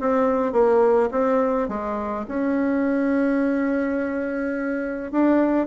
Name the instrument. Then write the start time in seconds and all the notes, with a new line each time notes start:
bassoon
0.00 C4
0.52 A#3
1.11 C4
1.68 G#3
2.28 C#4
5.11 D4